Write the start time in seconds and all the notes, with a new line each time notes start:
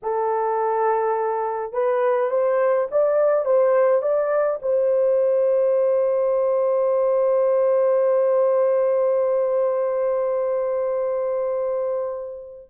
0.02 A4
1.72 B4
2.30 C5
2.91 D5
3.45 C5
4.01 D5
4.62 C5